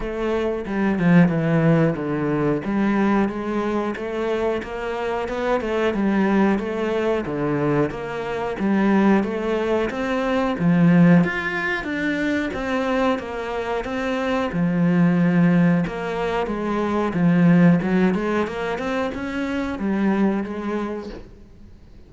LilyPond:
\new Staff \with { instrumentName = "cello" } { \time 4/4 \tempo 4 = 91 a4 g8 f8 e4 d4 | g4 gis4 a4 ais4 | b8 a8 g4 a4 d4 | ais4 g4 a4 c'4 |
f4 f'4 d'4 c'4 | ais4 c'4 f2 | ais4 gis4 f4 fis8 gis8 | ais8 c'8 cis'4 g4 gis4 | }